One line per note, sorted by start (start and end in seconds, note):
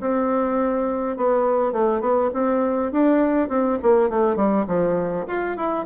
0.00 1.16 C4
1.16 1.72 B3
1.72 2.00 A3
2.00 2.30 B3
2.33 2.91 C4
2.91 3.48 D4
3.48 3.78 C4
3.82 4.09 A#3
4.09 4.36 A3
4.36 4.65 G3
4.67 5.26 F3
5.27 5.56 F4
5.56 5.85 E4